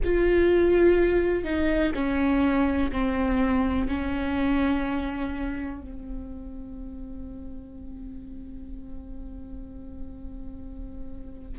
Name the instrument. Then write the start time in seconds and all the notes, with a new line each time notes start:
viola
0.04 F4
1.43 D#4
1.94 C#4
2.92 C4
3.87 C#4
5.80 C4